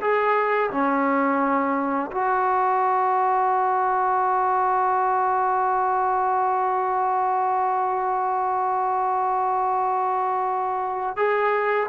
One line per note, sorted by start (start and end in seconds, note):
0.00 0.70 G#4
0.71 2.10 C#4
2.11 11.16 F#4
11.16 11.86 G#4